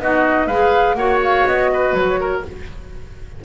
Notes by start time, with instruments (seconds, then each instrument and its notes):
0.00 double bass B3, clarinet D#4, oboe F#4, flute D#5
0.47 double bass G#3, clarinet G#4, oboe B4, flute F5
0.95 double bass A#3, clarinet F#4, oboe C#5, flute F#5
1.24 flute F5
1.47 double bass B3, flute D#5
1.73 oboe B4
1.94 double bass F#3, flute C#5
2.20 oboe A#4